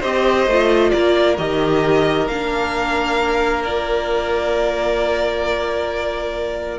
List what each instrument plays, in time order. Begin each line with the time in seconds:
0.00 cello C4, viola G4, violin C5 D#5
0.47 cello A3, viola F4
0.91 cello A#3, violin A#4 D5
1.37 cello D#3, viola G4, violin D#5
2.27 cello A#3, viola D4, violin F5
3.64 viola F4, violin D5